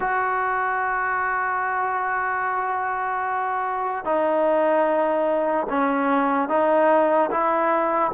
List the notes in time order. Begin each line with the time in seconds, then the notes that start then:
0.00 F#4
4.04 D#4
5.69 C#4
6.49 D#4
7.30 E4